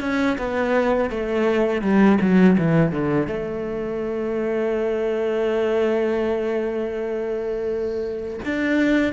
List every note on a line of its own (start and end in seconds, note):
0.00 0.37 C#4
0.38 1.10 B3
1.10 1.81 A3
1.81 2.18 G3
2.20 2.57 F#3
2.58 2.91 E3
2.91 3.27 D3
3.27 8.39 A3
8.45 9.12 D4